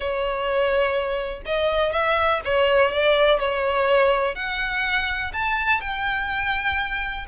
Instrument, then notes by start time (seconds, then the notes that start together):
violin
0.00 C#5
1.45 D#5
1.92 E5
2.44 C#5
2.91 D5
3.39 C#5
4.35 F#5
5.33 A5
5.81 G5